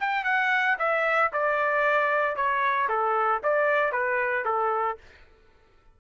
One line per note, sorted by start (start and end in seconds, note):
0.00 0.24 G5
0.24 0.77 F#5
0.79 1.32 E5
1.33 2.36 D5
2.36 2.89 C#5
2.89 3.42 A4
3.44 3.92 D5
3.92 4.45 B4
4.45 4.98 A4